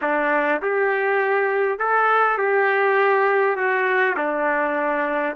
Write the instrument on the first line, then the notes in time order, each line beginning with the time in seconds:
trumpet
0.01 D4
0.62 G4
1.78 A4
2.38 G4
3.56 F#4
4.16 D4